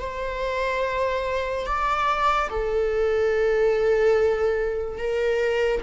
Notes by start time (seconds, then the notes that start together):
0.00 C5
1.66 D5
2.50 A4
4.98 A#4